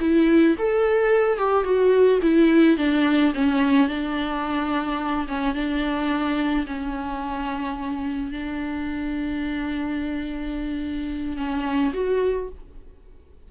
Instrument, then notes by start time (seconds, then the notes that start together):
viola
0.00 E4
0.58 A4
1.38 G4
1.64 F#4
2.22 E4
2.77 D4
3.34 C#4
3.88 D4
5.28 C#4
5.54 D4
6.67 C#4
8.31 D4
11.37 C#4
11.93 F#4